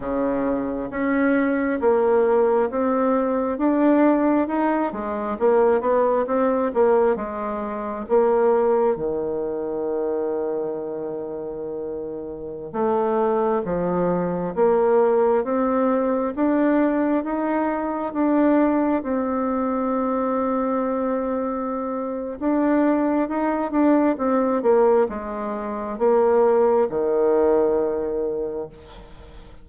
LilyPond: \new Staff \with { instrumentName = "bassoon" } { \time 4/4 \tempo 4 = 67 cis4 cis'4 ais4 c'4 | d'4 dis'8 gis8 ais8 b8 c'8 ais8 | gis4 ais4 dis2~ | dis2~ dis16 a4 f8.~ |
f16 ais4 c'4 d'4 dis'8.~ | dis'16 d'4 c'2~ c'8.~ | c'4 d'4 dis'8 d'8 c'8 ais8 | gis4 ais4 dis2 | }